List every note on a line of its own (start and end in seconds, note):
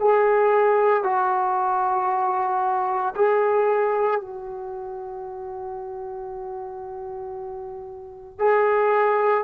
0.00 1.04 G#4
1.04 3.14 F#4
3.16 4.21 G#4
4.21 8.39 F#4
8.39 9.44 G#4